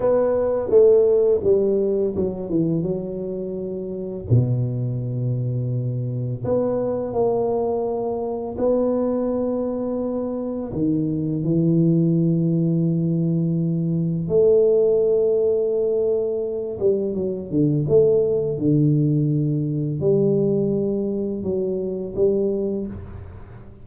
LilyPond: \new Staff \with { instrumentName = "tuba" } { \time 4/4 \tempo 4 = 84 b4 a4 g4 fis8 e8 | fis2 b,2~ | b,4 b4 ais2 | b2. dis4 |
e1 | a2.~ a8 g8 | fis8 d8 a4 d2 | g2 fis4 g4 | }